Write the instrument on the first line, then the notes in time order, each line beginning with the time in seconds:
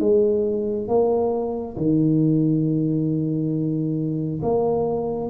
tuba
0.00 G#3
0.88 A#3
1.77 D#3
4.42 A#3